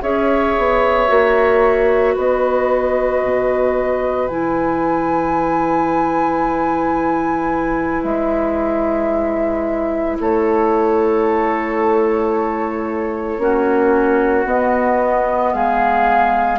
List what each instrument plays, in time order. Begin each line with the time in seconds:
0.00 bassoon C#4, clarinet G#4, oboe C#5, flute E5
0.57 bassoon B3
1.07 bassoon A#3, clarinet F#4
2.14 bassoon B3, oboe B4, flute D#5
3.23 bassoon B2
4.27 bassoon E3, clarinet E4, flute G#5
8.03 bassoon G#3, flute E5
10.20 bassoon A3, oboe A4, flute C#5
13.38 bassoon A#3, clarinet C#4, oboe F#4
14.44 clarinet B3, bassoon B3, flute D#5
15.53 bassoon G#3, oboe G#4, flute F5